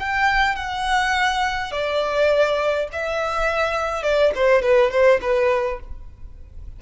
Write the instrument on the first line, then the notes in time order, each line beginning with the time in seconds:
violin
0.00 G5
0.56 F#5
1.72 D5
2.93 E5
4.03 D5
4.36 C5
4.63 B4
4.91 C5
5.22 B4